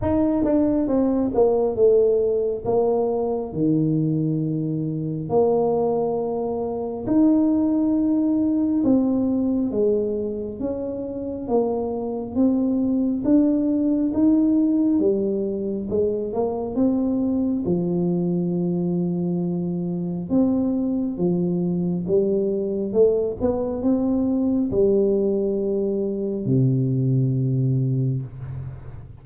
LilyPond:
\new Staff \with { instrumentName = "tuba" } { \time 4/4 \tempo 4 = 68 dis'8 d'8 c'8 ais8 a4 ais4 | dis2 ais2 | dis'2 c'4 gis4 | cis'4 ais4 c'4 d'4 |
dis'4 g4 gis8 ais8 c'4 | f2. c'4 | f4 g4 a8 b8 c'4 | g2 c2 | }